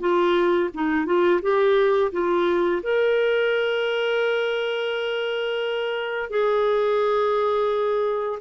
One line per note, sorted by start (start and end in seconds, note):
0.00 0.70 F4
0.74 1.06 D#4
1.06 1.41 F4
1.42 2.12 G4
2.12 2.82 F4
2.83 6.30 A#4
6.30 8.39 G#4